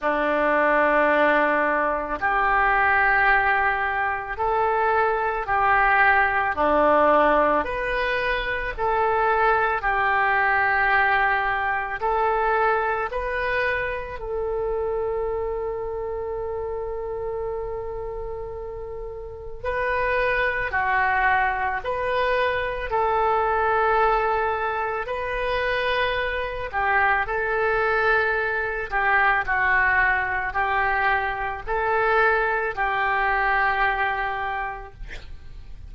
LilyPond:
\new Staff \with { instrumentName = "oboe" } { \time 4/4 \tempo 4 = 55 d'2 g'2 | a'4 g'4 d'4 b'4 | a'4 g'2 a'4 | b'4 a'2.~ |
a'2 b'4 fis'4 | b'4 a'2 b'4~ | b'8 g'8 a'4. g'8 fis'4 | g'4 a'4 g'2 | }